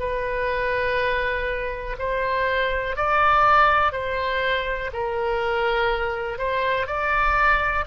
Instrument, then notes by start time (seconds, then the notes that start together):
oboe
0.00 B4
1.99 C5
2.96 D5
3.93 C5
4.94 A#4
6.38 C5
6.87 D5